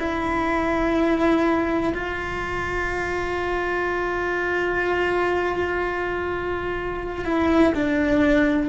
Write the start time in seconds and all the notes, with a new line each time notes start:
0.00 E4
1.94 F4
7.25 E4
7.75 D4